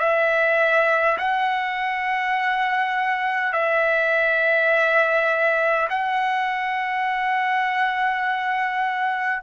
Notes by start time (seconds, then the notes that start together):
0.00 E5
1.19 F#5
3.53 E5
5.90 F#5